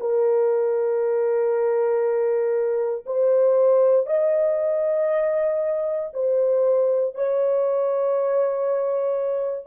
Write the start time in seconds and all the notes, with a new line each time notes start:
0.00 A#4
3.06 C5
4.07 D#5
6.13 C5
7.15 C#5